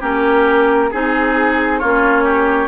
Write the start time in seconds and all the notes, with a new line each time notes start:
0.00 A#3 C#4 G4 A#4
0.90 C4 D#4 G#4
1.79 A#3 C#4 F4 C#5
2.24 G4